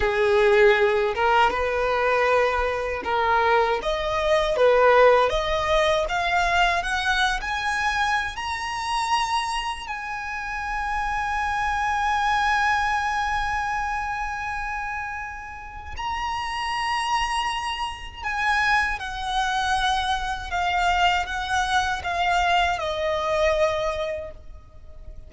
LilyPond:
\new Staff \with { instrumentName = "violin" } { \time 4/4 \tempo 4 = 79 gis'4. ais'8 b'2 | ais'4 dis''4 b'4 dis''4 | f''4 fis''8. gis''4~ gis''16 ais''4~ | ais''4 gis''2.~ |
gis''1~ | gis''4 ais''2. | gis''4 fis''2 f''4 | fis''4 f''4 dis''2 | }